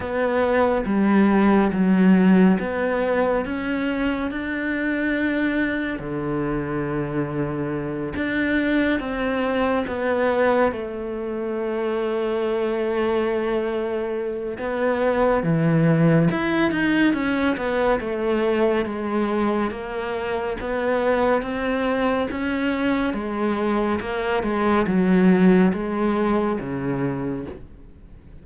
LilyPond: \new Staff \with { instrumentName = "cello" } { \time 4/4 \tempo 4 = 70 b4 g4 fis4 b4 | cis'4 d'2 d4~ | d4. d'4 c'4 b8~ | b8 a2.~ a8~ |
a4 b4 e4 e'8 dis'8 | cis'8 b8 a4 gis4 ais4 | b4 c'4 cis'4 gis4 | ais8 gis8 fis4 gis4 cis4 | }